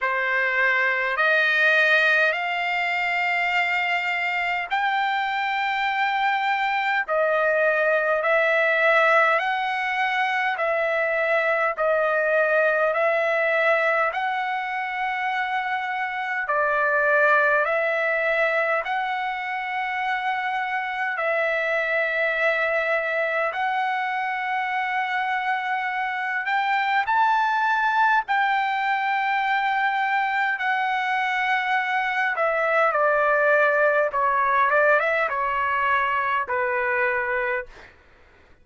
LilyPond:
\new Staff \with { instrumentName = "trumpet" } { \time 4/4 \tempo 4 = 51 c''4 dis''4 f''2 | g''2 dis''4 e''4 | fis''4 e''4 dis''4 e''4 | fis''2 d''4 e''4 |
fis''2 e''2 | fis''2~ fis''8 g''8 a''4 | g''2 fis''4. e''8 | d''4 cis''8 d''16 e''16 cis''4 b'4 | }